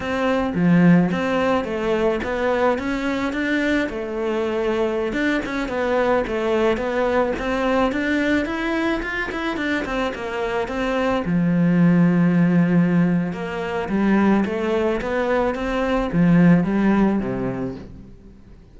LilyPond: \new Staff \with { instrumentName = "cello" } { \time 4/4 \tempo 4 = 108 c'4 f4 c'4 a4 | b4 cis'4 d'4 a4~ | a4~ a16 d'8 cis'8 b4 a8.~ | a16 b4 c'4 d'4 e'8.~ |
e'16 f'8 e'8 d'8 c'8 ais4 c'8.~ | c'16 f2.~ f8. | ais4 g4 a4 b4 | c'4 f4 g4 c4 | }